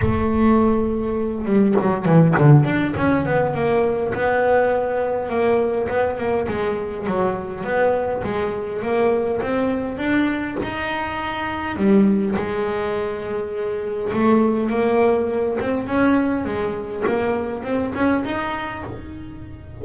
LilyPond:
\new Staff \with { instrumentName = "double bass" } { \time 4/4 \tempo 4 = 102 a2~ a8 g8 fis8 e8 | d8 d'8 cis'8 b8 ais4 b4~ | b4 ais4 b8 ais8 gis4 | fis4 b4 gis4 ais4 |
c'4 d'4 dis'2 | g4 gis2. | a4 ais4. c'8 cis'4 | gis4 ais4 c'8 cis'8 dis'4 | }